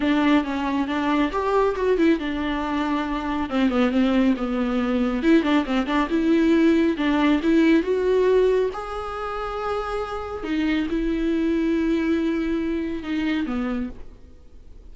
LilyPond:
\new Staff \with { instrumentName = "viola" } { \time 4/4 \tempo 4 = 138 d'4 cis'4 d'4 g'4 | fis'8 e'8 d'2. | c'8 b8 c'4 b2 | e'8 d'8 c'8 d'8 e'2 |
d'4 e'4 fis'2 | gis'1 | dis'4 e'2.~ | e'2 dis'4 b4 | }